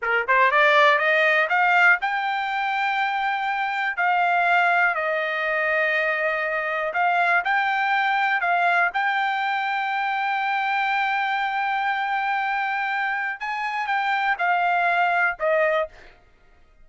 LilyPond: \new Staff \with { instrumentName = "trumpet" } { \time 4/4 \tempo 4 = 121 ais'8 c''8 d''4 dis''4 f''4 | g''1 | f''2 dis''2~ | dis''2 f''4 g''4~ |
g''4 f''4 g''2~ | g''1~ | g''2. gis''4 | g''4 f''2 dis''4 | }